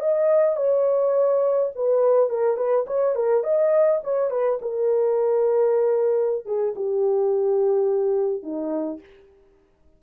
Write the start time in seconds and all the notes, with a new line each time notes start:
0.00 D#5
0.56 C#5
1.75 B4
2.29 A#4
2.57 B4
2.86 C#5
3.15 A#4
3.44 D#5
4.04 C#5
4.30 B4
4.61 A#4
6.45 G#4
6.75 G4
8.43 D#4